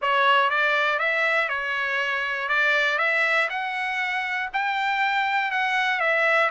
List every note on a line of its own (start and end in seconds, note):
0.01 0.50 C#5
0.50 0.99 D5
0.99 1.49 E5
1.49 2.48 C#5
2.48 2.98 D5
2.98 3.48 E5
3.49 4.49 F#5
4.53 5.51 G5
5.51 6.00 F#5
6.00 6.50 E5